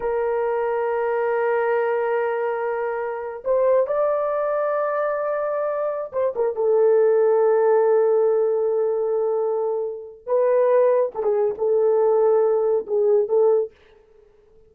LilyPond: \new Staff \with { instrumentName = "horn" } { \time 4/4 \tempo 4 = 140 ais'1~ | ais'1 | c''4 d''2.~ | d''2~ d''16 c''8 ais'8 a'8.~ |
a'1~ | a'1 | b'2 a'16 gis'8. a'4~ | a'2 gis'4 a'4 | }